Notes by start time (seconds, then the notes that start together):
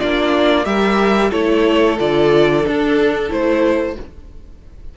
0.00 A#3 D4 F4 D5
0.65 G3 G4 A#4 E5
1.30 A3 E4 A4 C#5
1.99 D3 F4 D5
2.64 D4 A4
3.29 A3 E4 C5